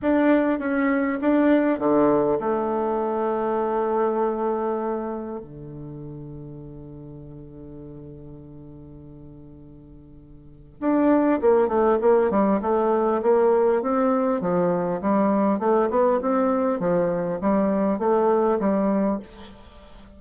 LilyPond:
\new Staff \with { instrumentName = "bassoon" } { \time 4/4 \tempo 4 = 100 d'4 cis'4 d'4 d4 | a1~ | a4 d2.~ | d1~ |
d2 d'4 ais8 a8 | ais8 g8 a4 ais4 c'4 | f4 g4 a8 b8 c'4 | f4 g4 a4 g4 | }